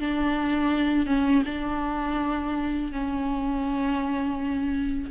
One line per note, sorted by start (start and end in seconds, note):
0.00 1.07 D4
1.07 1.43 C#4
1.46 2.92 D4
2.92 5.11 C#4